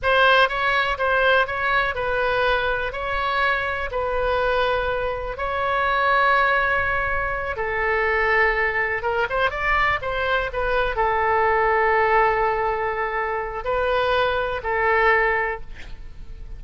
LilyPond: \new Staff \with { instrumentName = "oboe" } { \time 4/4 \tempo 4 = 123 c''4 cis''4 c''4 cis''4 | b'2 cis''2 | b'2. cis''4~ | cis''2.~ cis''8 a'8~ |
a'2~ a'8 ais'8 c''8 d''8~ | d''8 c''4 b'4 a'4.~ | a'1 | b'2 a'2 | }